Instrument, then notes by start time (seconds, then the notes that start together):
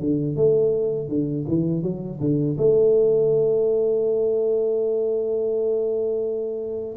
tuba
0.00 D3
0.36 A3
1.08 D3
1.48 E3
1.83 F#3
2.20 D3
2.57 A3